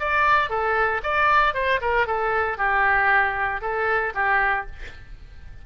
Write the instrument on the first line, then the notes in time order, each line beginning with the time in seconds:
oboe
0.00 D5
0.50 A4
1.04 D5
1.55 C5
1.82 A#4
2.07 A4
2.58 G4
3.62 A4
4.15 G4